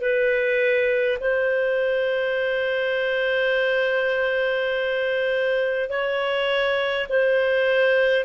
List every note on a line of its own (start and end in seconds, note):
0.00 1.18 B4
1.20 5.89 C5
5.89 7.06 C#5
7.09 8.25 C5